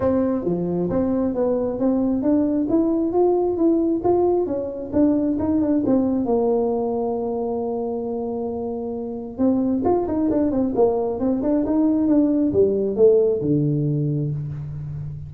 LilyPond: \new Staff \with { instrumentName = "tuba" } { \time 4/4 \tempo 4 = 134 c'4 f4 c'4 b4 | c'4 d'4 e'4 f'4 | e'4 f'4 cis'4 d'4 | dis'8 d'8 c'4 ais2~ |
ais1~ | ais4 c'4 f'8 dis'8 d'8 c'8 | ais4 c'8 d'8 dis'4 d'4 | g4 a4 d2 | }